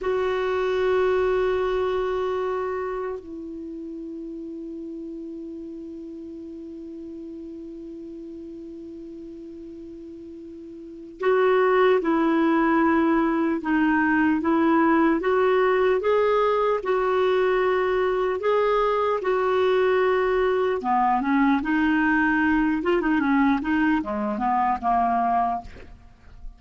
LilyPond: \new Staff \with { instrumentName = "clarinet" } { \time 4/4 \tempo 4 = 75 fis'1 | e'1~ | e'1~ | e'2 fis'4 e'4~ |
e'4 dis'4 e'4 fis'4 | gis'4 fis'2 gis'4 | fis'2 b8 cis'8 dis'4~ | dis'8 f'16 dis'16 cis'8 dis'8 gis8 b8 ais4 | }